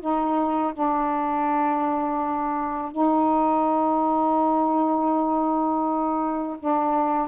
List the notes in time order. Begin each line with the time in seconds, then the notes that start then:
0.00 D#4
0.74 D4
2.92 D#4
6.60 D4